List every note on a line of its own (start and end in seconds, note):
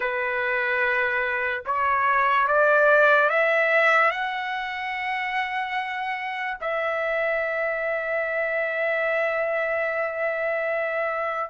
0.00 1.63 B4
1.65 2.47 C#5
2.47 3.29 D5
3.29 4.11 E5
4.11 6.57 F#5
6.61 11.50 E5